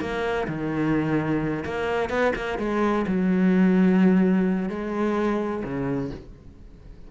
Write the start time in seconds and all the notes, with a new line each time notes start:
0.00 A#3
0.47 D#3
1.64 A#3
2.09 B3
2.35 A#3
2.58 G#3
3.07 F#3
4.69 G#3
5.64 C#3